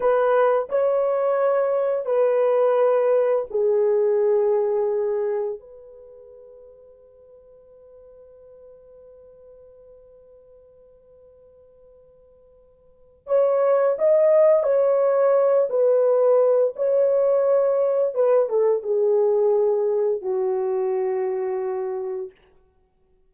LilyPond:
\new Staff \with { instrumentName = "horn" } { \time 4/4 \tempo 4 = 86 b'4 cis''2 b'4~ | b'4 gis'2. | b'1~ | b'1~ |
b'2. cis''4 | dis''4 cis''4. b'4. | cis''2 b'8 a'8 gis'4~ | gis'4 fis'2. | }